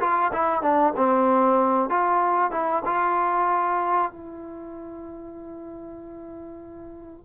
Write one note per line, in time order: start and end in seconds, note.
0.00 0.32 F4
0.33 0.62 E4
0.62 0.94 D4
0.96 1.89 C4
1.89 2.51 F4
2.51 2.82 E4
2.85 4.11 F4
4.12 7.25 E4